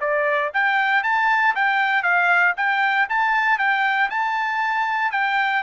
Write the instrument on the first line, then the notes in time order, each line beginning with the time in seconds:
trumpet
0.00 D5
0.54 G5
1.03 A5
1.55 G5
2.02 F5
2.57 G5
3.09 A5
3.58 G5
4.10 A5
5.11 G5